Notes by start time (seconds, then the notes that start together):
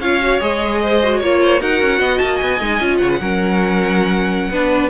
0.00 C#4 F4 C#5 F5
0.21 F#4
0.40 G#3 G#4 D#5
0.83 C5
1.03 F#4
1.18 A#3 F4 C#5
1.43 C5
1.60 D#4 F#4 A#4 F#5
1.81 C#4
2.00 B3 D#5
2.19 A#3 A5
2.37 B3 G#5
2.61 G#3 D#4
2.80 C#4 F4
2.98 C#3 C#5 F#5
3.10 B4
3.20 F#3 C#4 A#4
4.51 B3 D4 B4